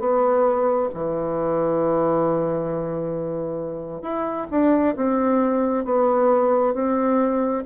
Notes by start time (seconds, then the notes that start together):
0.00 B3
0.94 E3
4.03 E4
4.51 D4
4.97 C4
5.85 B3
6.74 C4